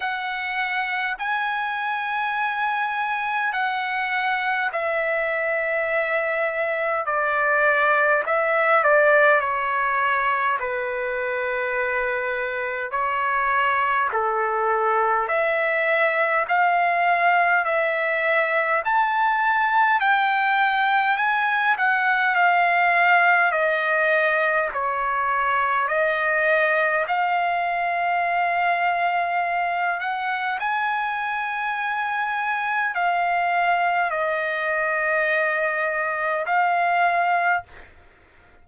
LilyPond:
\new Staff \with { instrumentName = "trumpet" } { \time 4/4 \tempo 4 = 51 fis''4 gis''2 fis''4 | e''2 d''4 e''8 d''8 | cis''4 b'2 cis''4 | a'4 e''4 f''4 e''4 |
a''4 g''4 gis''8 fis''8 f''4 | dis''4 cis''4 dis''4 f''4~ | f''4. fis''8 gis''2 | f''4 dis''2 f''4 | }